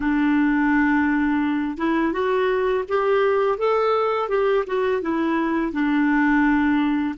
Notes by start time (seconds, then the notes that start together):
0.00 D4
1.77 E4
2.12 F#4
2.88 G4
3.57 A4
4.28 G4
4.67 F#4
5.01 E4
5.72 D4